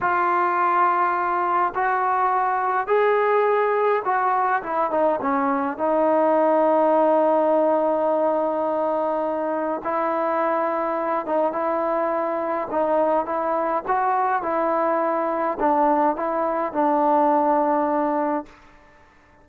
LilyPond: \new Staff \with { instrumentName = "trombone" } { \time 4/4 \tempo 4 = 104 f'2. fis'4~ | fis'4 gis'2 fis'4 | e'8 dis'8 cis'4 dis'2~ | dis'1~ |
dis'4 e'2~ e'8 dis'8 | e'2 dis'4 e'4 | fis'4 e'2 d'4 | e'4 d'2. | }